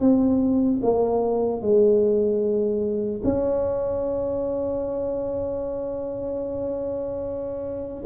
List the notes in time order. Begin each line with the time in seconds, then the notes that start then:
0.00 C4
0.82 A#3
1.61 G#3
3.24 C#4